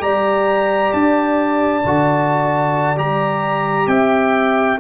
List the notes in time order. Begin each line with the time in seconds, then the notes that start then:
0.00 G3 G4 D5 A#5
0.93 D4 A5
1.85 D3 F#4
2.96 G3 G4 A#5
3.87 C4 E5 G5